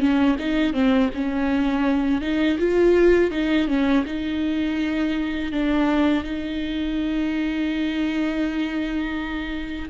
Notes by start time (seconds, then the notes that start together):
0.00 C#4
0.39 D#4
0.73 C4
1.15 C#4
2.22 D#4
2.59 F4
3.31 D#4
3.68 C#4
4.06 D#4
5.52 D4
6.24 D#4